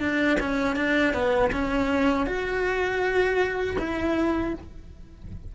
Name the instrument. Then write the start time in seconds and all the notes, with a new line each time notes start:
cello
0.00 D4
0.40 C#4
0.76 D4
1.14 B3
1.52 C#4
2.26 F#4
3.79 E4